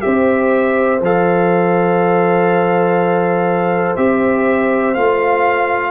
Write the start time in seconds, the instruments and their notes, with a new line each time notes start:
0.00 tuba C4, trombone G4, horn C5, trumpet E5
1.00 tuba F3, trombone A4, trumpet F5
3.96 tuba C4, trombone G4, trumpet E5
4.94 tuba A3, trombone F4, trumpet F5